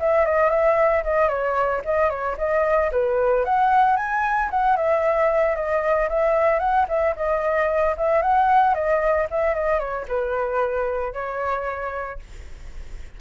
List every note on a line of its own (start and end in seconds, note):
0.00 0.26 E5
0.26 0.50 D#5
0.50 1.03 E5
1.04 1.29 D#5
1.29 1.82 C#5
1.85 2.10 D#5
2.10 2.37 C#5
2.38 2.91 D#5
2.92 3.45 B4
3.45 3.97 F#5
3.97 4.50 G#5
4.51 4.77 F#5
4.77 5.56 E5
5.56 6.09 D#5
6.09 6.60 E5
6.60 6.86 F#5
6.89 7.15 E5
7.16 7.96 D#5
7.97 8.22 E5
8.22 8.75 F#5
8.75 9.28 D#5
9.31 9.55 E5
9.55 9.79 D#5
9.79 10.06 C#5
10.08 11.14 B4
11.14 12.20 C#5